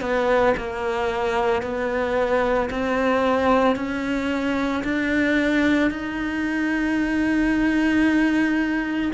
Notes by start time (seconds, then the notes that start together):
0.00 B3
0.57 A#3
1.62 B3
2.70 C4
3.75 C#4
4.84 D4
5.90 D#4